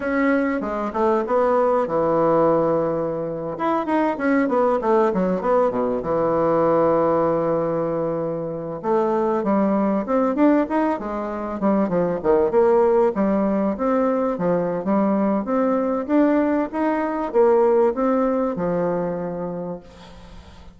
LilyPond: \new Staff \with { instrumentName = "bassoon" } { \time 4/4 \tempo 4 = 97 cis'4 gis8 a8 b4 e4~ | e4.~ e16 e'8 dis'8 cis'8 b8 a16~ | a16 fis8 b8 b,8 e2~ e16~ | e2~ e16 a4 g8.~ |
g16 c'8 d'8 dis'8 gis4 g8 f8 dis16~ | dis16 ais4 g4 c'4 f8. | g4 c'4 d'4 dis'4 | ais4 c'4 f2 | }